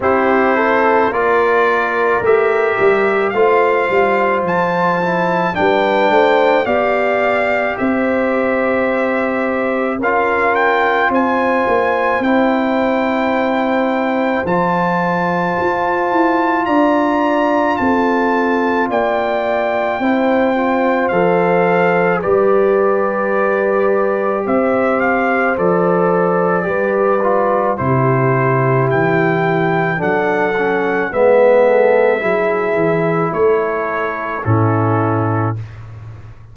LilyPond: <<
  \new Staff \with { instrumentName = "trumpet" } { \time 4/4 \tempo 4 = 54 c''4 d''4 e''4 f''4 | a''4 g''4 f''4 e''4~ | e''4 f''8 g''8 gis''4 g''4~ | g''4 a''2 ais''4 |
a''4 g''2 f''4 | d''2 e''8 f''8 d''4~ | d''4 c''4 g''4 fis''4 | e''2 cis''4 a'4 | }
  \new Staff \with { instrumentName = "horn" } { \time 4/4 g'8 a'8 ais'2 c''4~ | c''4 b'8 c''8 d''4 c''4~ | c''4 ais'4 c''2~ | c''2. d''4 |
a'4 d''4 c''2 | b'2 c''2 | b'4 g'2 a'4 | b'8 a'8 gis'4 a'4 e'4 | }
  \new Staff \with { instrumentName = "trombone" } { \time 4/4 e'4 f'4 g'4 f'4~ | f'8 e'8 d'4 g'2~ | g'4 f'2 e'4~ | e'4 f'2.~ |
f'2 e'8 f'8 a'4 | g'2. a'4 | g'8 f'8 e'2 d'8 cis'8 | b4 e'2 cis'4 | }
  \new Staff \with { instrumentName = "tuba" } { \time 4/4 c'4 ais4 a8 g8 a8 g8 | f4 g8 a8 b4 c'4~ | c'4 cis'4 c'8 ais8 c'4~ | c'4 f4 f'8 e'8 d'4 |
c'4 ais4 c'4 f4 | g2 c'4 f4 | g4 c4 e4 fis4 | gis4 fis8 e8 a4 a,4 | }
>>